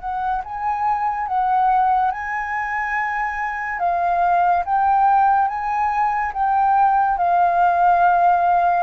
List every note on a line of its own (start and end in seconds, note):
0.00 0.42 F#5
0.44 1.27 G#5
1.27 2.12 F#5
2.12 3.80 G#5
3.80 4.64 F5
4.65 5.48 G5
5.48 6.33 G#5
6.33 7.18 G5
7.18 8.83 F5